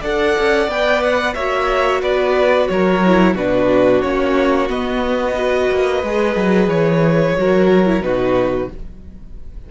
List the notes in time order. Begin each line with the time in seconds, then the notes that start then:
0.00 D4 A4 D5 F#5
0.38 C#4
0.68 B3 B4 G5
1.03 F#5
1.34 A#3 F#4 C#5 E5
2.02 B3 B4 D5
2.67 F#3 A#4 C#5
3.05 E4
3.34 B2 D4 F#4 B4
4.01 A#3 C#4 C#5
4.68 B3 D#5
5.35 F#4 B4
5.70 A#3
6.03 G#3 G#4
6.36 F#3
6.67 E3 C#5
7.37 F#3 F#4 A#4
7.86 E4
8.01 B2 D#4 F#4 B4